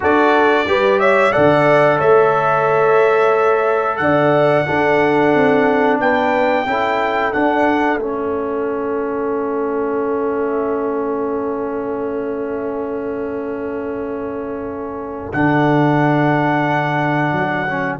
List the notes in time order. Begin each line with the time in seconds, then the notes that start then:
0.00 D4 F#4 A4 D5
0.66 G3 G4 B4
0.99 C#5 E5
1.32 D3 A4 D5 F#5
1.98 A3 C#5 E5
3.97 D3 D5 F#5
4.66 D4 A4
5.34 C4
5.99 B3 B4 G5
6.66 C#4 E4 A4
7.32 D4 F#5
7.97 A3 C#4 E5
15.32 D3 D4 F#5
17.32 F#3
17.67 C#4